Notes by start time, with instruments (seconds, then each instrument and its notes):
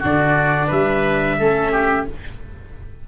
0.00 tuba D3, viola D4, oboe F#4, trumpet D5
0.67 tuba G3, oboe B4, trumpet E5
1.40 tuba A3, viola C#4, oboe A4
1.72 oboe G4